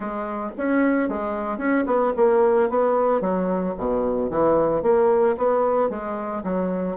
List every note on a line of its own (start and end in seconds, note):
0.00 0.51 G#3
0.57 1.08 C#4
1.08 1.58 G#3
1.58 1.85 C#4
1.86 2.12 B3
2.16 2.69 A#3
2.69 3.20 B3
3.20 3.74 F#3
3.77 4.30 B2
4.30 4.82 E3
4.82 5.36 A#3
5.37 5.89 B3
5.89 6.43 G#3
6.43 6.96 F#3